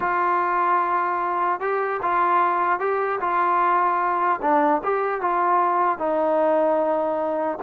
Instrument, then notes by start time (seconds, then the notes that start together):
trombone
0.00 F4
1.60 G4
2.02 F4
2.79 G4
3.20 F4
4.41 D4
4.83 G4
5.21 F4
5.98 D#4